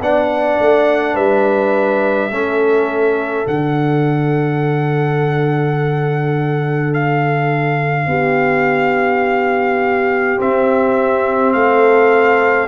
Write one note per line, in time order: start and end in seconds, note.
0.00 0.58 B3
0.00 2.31 D4
0.00 1.14 D5
0.00 1.16 F#5
0.59 1.15 A3
1.14 2.30 G3
1.14 2.30 B4
1.14 3.47 E5
2.30 3.45 A3
2.30 3.46 C#4
2.30 8.08 A4
3.46 8.06 D3
3.46 10.37 D4
3.46 6.94 F#5
6.94 10.40 F5
8.06 10.37 B3
8.06 11.55 G4
10.37 12.67 C4
10.37 11.54 C4
10.37 11.52 E5
11.52 12.67 A3
11.52 12.67 A4
11.52 12.67 F5